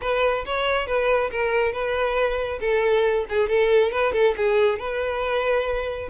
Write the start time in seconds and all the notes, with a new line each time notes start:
0.01 B4
0.45 C#5
0.86 B4
1.30 A#4
1.72 B4
2.60 A4
3.29 G#4
3.48 A4
3.91 B4
4.12 A4
4.36 G#4
4.78 B4